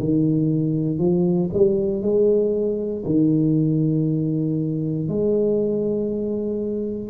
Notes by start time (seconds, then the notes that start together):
0.00 D#3
0.99 F3
1.53 G3
2.02 G#3
3.06 D#3
5.08 G#3